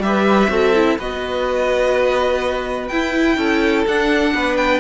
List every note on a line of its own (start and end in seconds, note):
0.00 0.48 G3
0.00 0.50 G4
0.00 0.98 E5
0.07 0.51 B4
0.50 0.98 C4
0.50 0.74 F#4
0.50 0.98 A4
0.75 0.99 E4
0.98 2.91 B3
0.98 2.91 F#4
0.98 3.37 B4
0.98 2.88 D#5
2.88 3.38 E4
2.88 3.88 E4
2.88 3.84 G5
3.37 3.86 C#4
3.37 4.33 A4
3.88 4.34 D4
3.88 4.80 D4
3.88 4.57 F#5
4.34 4.80 B3
4.34 4.80 B4
4.57 4.80 G5